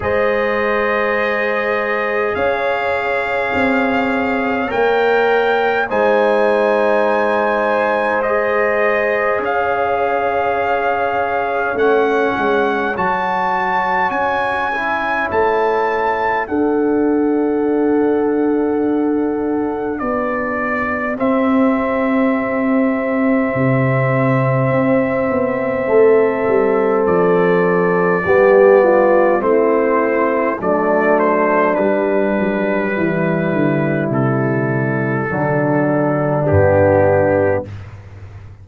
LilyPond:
<<
  \new Staff \with { instrumentName = "trumpet" } { \time 4/4 \tempo 4 = 51 dis''2 f''2 | g''4 gis''2 dis''4 | f''2 fis''4 a''4 | gis''4 a''4 fis''2~ |
fis''4 d''4 e''2~ | e''2. d''4~ | d''4 c''4 d''8 c''8 b'4~ | b'4 a'2 g'4 | }
  \new Staff \with { instrumentName = "horn" } { \time 4/4 c''2 cis''2~ | cis''4 c''2. | cis''1~ | cis''2 a'2~ |
a'4 g'2.~ | g'2 a'2 | g'8 f'8 e'4 d'2 | e'2 d'2 | }
  \new Staff \with { instrumentName = "trombone" } { \time 4/4 gis'1 | ais'4 dis'2 gis'4~ | gis'2 cis'4 fis'4~ | fis'8 e'4. d'2~ |
d'2 c'2~ | c'1 | b4 c'4 a4 g4~ | g2 fis4 b4 | }
  \new Staff \with { instrumentName = "tuba" } { \time 4/4 gis2 cis'4 c'4 | ais4 gis2. | cis'2 a8 gis8 fis4 | cis'4 a4 d'2~ |
d'4 b4 c'2 | c4 c'8 b8 a8 g8 f4 | g4 a4 fis4 g8 fis8 | e8 d8 c4 d4 g,4 | }
>>